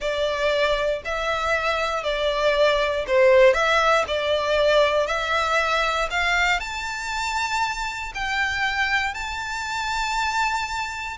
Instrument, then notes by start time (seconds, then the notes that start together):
violin
0.00 D5
1.04 E5
2.03 D5
3.07 C5
3.53 E5
4.07 D5
5.07 E5
6.10 F5
6.60 A5
8.14 G5
9.13 A5